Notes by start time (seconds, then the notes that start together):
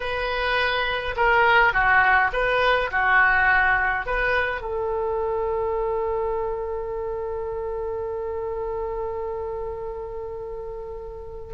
0.00 B4
1.16 A#4
1.73 F#4
2.32 B4
2.91 F#4
4.05 B4
4.61 A4